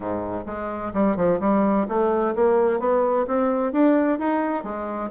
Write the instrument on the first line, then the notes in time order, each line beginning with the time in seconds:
bassoon
0.00 G#2
0.45 G#3
0.93 G3
1.16 F3
1.40 G3
1.88 A3
2.35 A#3
2.79 B3
3.27 C4
3.72 D4
4.19 D#4
4.63 G#3